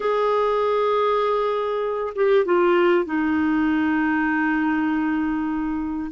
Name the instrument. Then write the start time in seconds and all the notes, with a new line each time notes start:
clarinet
0.00 G#4
2.15 G4
2.45 F4
3.05 D#4